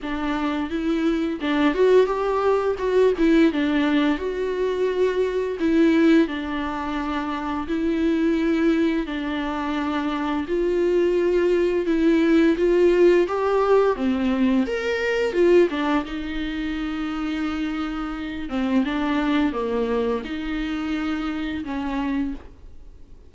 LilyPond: \new Staff \with { instrumentName = "viola" } { \time 4/4 \tempo 4 = 86 d'4 e'4 d'8 fis'8 g'4 | fis'8 e'8 d'4 fis'2 | e'4 d'2 e'4~ | e'4 d'2 f'4~ |
f'4 e'4 f'4 g'4 | c'4 ais'4 f'8 d'8 dis'4~ | dis'2~ dis'8 c'8 d'4 | ais4 dis'2 cis'4 | }